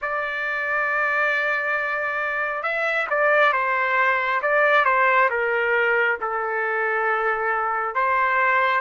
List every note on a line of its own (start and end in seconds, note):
0.01 2.62 D5
2.62 3.06 E5
3.10 3.53 D5
3.53 4.41 C5
4.42 4.84 D5
4.84 5.29 C5
5.29 6.18 A#4
6.20 7.95 A4
7.95 8.80 C5